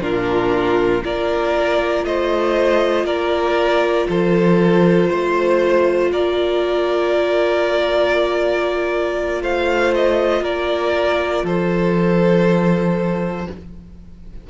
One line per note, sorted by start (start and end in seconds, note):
0.00 1.02 A#2
0.00 1.02 D4
0.00 1.03 F4
0.00 1.04 A#4
1.03 2.04 A#3
1.03 13.49 F4
1.03 2.06 A#4
1.03 2.05 D5
2.04 3.04 A3
2.04 3.06 C5
2.04 3.06 D#5
3.04 4.06 A#3
3.04 4.07 A#4
3.04 4.08 D5
4.09 5.10 F3
4.09 5.10 A4
4.09 6.12 C5
5.10 6.12 A3
5.10 6.11 C5
6.11 9.41 A#3
6.11 9.42 A#4
6.11 9.43 D5
9.41 10.41 A3
9.41 10.42 C5
9.41 9.94 F5
9.95 10.44 D#5
10.41 11.43 A#3
10.41 11.44 A#4
10.41 11.46 D5
11.43 13.47 F3
11.43 13.47 A4
11.43 13.50 C5